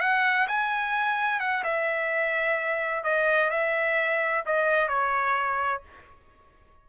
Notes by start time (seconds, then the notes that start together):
0.00 F#5
0.48 G#5
1.40 F#5
1.64 E5
3.04 D#5
3.50 E5
4.45 D#5
4.88 C#5